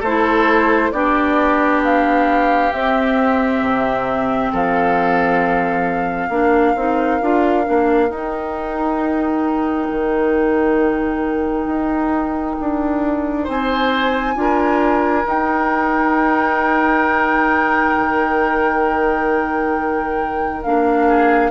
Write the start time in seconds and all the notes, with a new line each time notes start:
0.00 A3 A4 C5
0.07 E4
0.92 B3 D4 G4 D5
1.84 F5
2.73 C4 E5
3.61 C3
4.52 F3 A4 F5
6.29 A#3 D4 A#4
6.76 C4 D#4
7.22 D4 F4
7.64 A#3 D4
8.09 D#4 G5
9.90 D#3
11.66 D#4
12.60 D4
13.44 C4 C5 G#5
14.35 D4 F4 A#4
15.24 D#4 G5
17.97 D#3
20.63 A#3 D4 F5
21.08 G#4